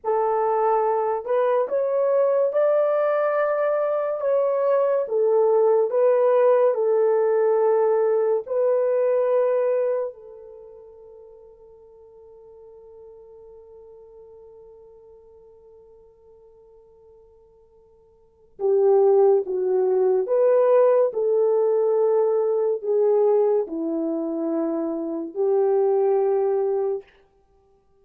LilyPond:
\new Staff \with { instrumentName = "horn" } { \time 4/4 \tempo 4 = 71 a'4. b'8 cis''4 d''4~ | d''4 cis''4 a'4 b'4 | a'2 b'2 | a'1~ |
a'1~ | a'2 g'4 fis'4 | b'4 a'2 gis'4 | e'2 g'2 | }